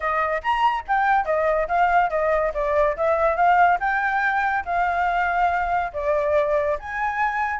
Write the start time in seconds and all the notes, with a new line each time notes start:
0.00 D#5
0.42 A#5
0.87 G5
1.25 D#5
1.68 F5
2.10 D#5
2.54 D5
2.97 E5
3.36 F5
3.79 G5
4.65 F5
5.93 D5
6.79 G#5